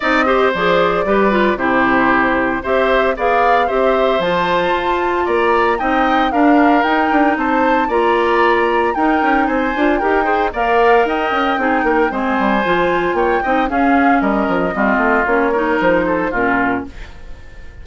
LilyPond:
<<
  \new Staff \with { instrumentName = "flute" } { \time 4/4 \tempo 4 = 114 dis''4 d''2 c''4~ | c''4 e''4 f''4 e''4 | a''2 ais''4 g''4 | f''4 g''4 a''4 ais''4~ |
ais''4 g''4 gis''4 g''4 | f''4 g''2 gis''4~ | gis''4 g''4 f''4 dis''4~ | dis''4 cis''4 c''4 ais'4 | }
  \new Staff \with { instrumentName = "oboe" } { \time 4/4 d''8 c''4. b'4 g'4~ | g'4 c''4 d''4 c''4~ | c''2 d''4 dis''4 | ais'2 c''4 d''4~ |
d''4 ais'4 c''4 ais'8 c''8 | d''4 dis''4 gis'8 ais'8 c''4~ | c''4 cis''8 dis''8 gis'4 ais'4 | f'4. ais'4 a'8 f'4 | }
  \new Staff \with { instrumentName = "clarinet" } { \time 4/4 dis'8 g'8 gis'4 g'8 f'8 e'4~ | e'4 g'4 gis'4 g'4 | f'2. dis'4 | d'4 dis'2 f'4~ |
f'4 dis'4. f'8 g'8 gis'8 | ais'2 dis'4 c'4 | f'4. dis'8 cis'2 | c'4 cis'8 dis'4. cis'4 | }
  \new Staff \with { instrumentName = "bassoon" } { \time 4/4 c'4 f4 g4 c4~ | c4 c'4 b4 c'4 | f4 f'4 ais4 c'4 | d'4 dis'8 d'8 c'4 ais4~ |
ais4 dis'8 cis'8 c'8 d'8 dis'4 | ais4 dis'8 cis'8 c'8 ais8 gis8 g8 | f4 ais8 c'8 cis'4 g8 f8 | g8 a8 ais4 f4 ais,4 | }
>>